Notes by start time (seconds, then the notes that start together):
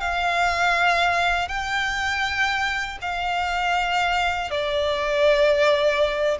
0.00 F5
1.48 G5
3.01 F5
4.50 D5